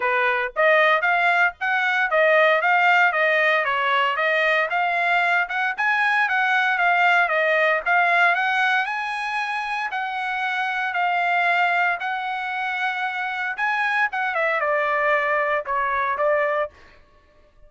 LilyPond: \new Staff \with { instrumentName = "trumpet" } { \time 4/4 \tempo 4 = 115 b'4 dis''4 f''4 fis''4 | dis''4 f''4 dis''4 cis''4 | dis''4 f''4. fis''8 gis''4 | fis''4 f''4 dis''4 f''4 |
fis''4 gis''2 fis''4~ | fis''4 f''2 fis''4~ | fis''2 gis''4 fis''8 e''8 | d''2 cis''4 d''4 | }